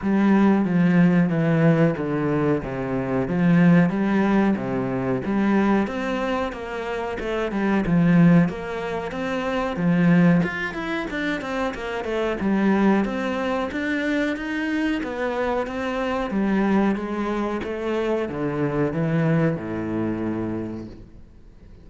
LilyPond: \new Staff \with { instrumentName = "cello" } { \time 4/4 \tempo 4 = 92 g4 f4 e4 d4 | c4 f4 g4 c4 | g4 c'4 ais4 a8 g8 | f4 ais4 c'4 f4 |
f'8 e'8 d'8 c'8 ais8 a8 g4 | c'4 d'4 dis'4 b4 | c'4 g4 gis4 a4 | d4 e4 a,2 | }